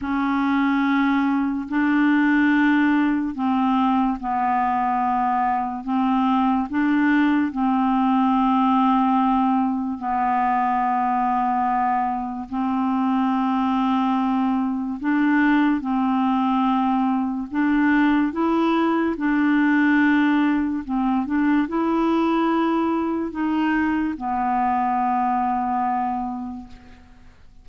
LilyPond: \new Staff \with { instrumentName = "clarinet" } { \time 4/4 \tempo 4 = 72 cis'2 d'2 | c'4 b2 c'4 | d'4 c'2. | b2. c'4~ |
c'2 d'4 c'4~ | c'4 d'4 e'4 d'4~ | d'4 c'8 d'8 e'2 | dis'4 b2. | }